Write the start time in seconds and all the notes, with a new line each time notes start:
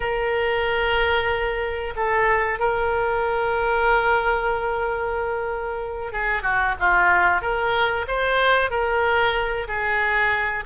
0.00 A#4
1.96 A4
2.59 A#4
6.12 G#4
6.42 F#4
6.79 F4
7.41 A#4
8.07 C5
8.70 A#4
9.67 G#4